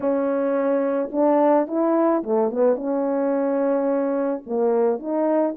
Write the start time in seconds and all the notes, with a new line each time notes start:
0.00 C#4
1.12 D4
1.67 E4
2.23 A3
2.51 B3
2.76 C#4
4.46 A#3
4.99 D#4